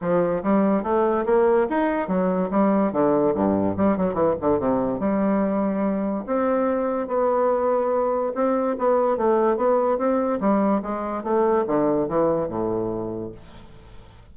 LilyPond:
\new Staff \with { instrumentName = "bassoon" } { \time 4/4 \tempo 4 = 144 f4 g4 a4 ais4 | dis'4 fis4 g4 d4 | g,4 g8 fis8 e8 d8 c4 | g2. c'4~ |
c'4 b2. | c'4 b4 a4 b4 | c'4 g4 gis4 a4 | d4 e4 a,2 | }